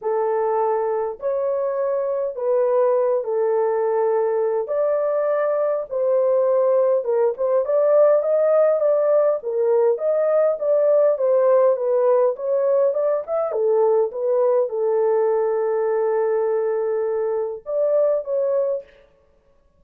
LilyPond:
\new Staff \with { instrumentName = "horn" } { \time 4/4 \tempo 4 = 102 a'2 cis''2 | b'4. a'2~ a'8 | d''2 c''2 | ais'8 c''8 d''4 dis''4 d''4 |
ais'4 dis''4 d''4 c''4 | b'4 cis''4 d''8 e''8 a'4 | b'4 a'2.~ | a'2 d''4 cis''4 | }